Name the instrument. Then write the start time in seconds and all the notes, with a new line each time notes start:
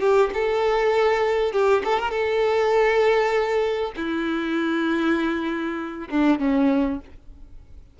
violin
0.00 G4
0.34 A4
1.52 G4
1.84 A4
1.99 A#4
2.10 A4
3.96 E4
6.09 D4
6.39 C#4